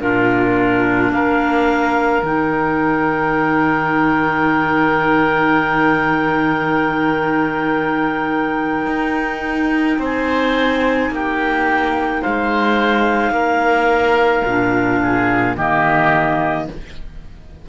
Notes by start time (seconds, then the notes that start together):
0.00 A#2 D4 F4 A#4
1.11 A#3 A#4 F5
2.23 D#3 D#4 G5
8.87 D#4
9.98 C4 C5 G#5
11.11 A#3 G4 G5
12.22 G#3 C5 F5
13.31 A#3 A#4
14.45 A#2 D4
15.03 G#4
15.57 D#3 A#3 G4 D#5